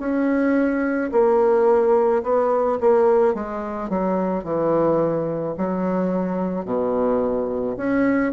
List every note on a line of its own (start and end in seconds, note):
0.00 1.11 C#4
1.12 2.23 A#3
2.23 2.79 B3
2.81 3.35 A#3
3.35 3.89 G#3
3.89 4.44 F#3
4.44 5.56 E3
5.58 6.66 F#3
6.66 7.77 B2
7.78 8.33 C#4